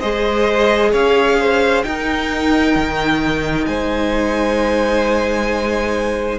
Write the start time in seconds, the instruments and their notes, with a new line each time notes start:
0.00 cello G#3, viola G#4, violin C5 D#5
0.91 cello C#4, violin C#5 F5
1.40 violin C5
1.84 viola D#4, cello D#4, violin A#4 G5
2.76 cello D#3
3.66 cello G#3, violin C5 G#5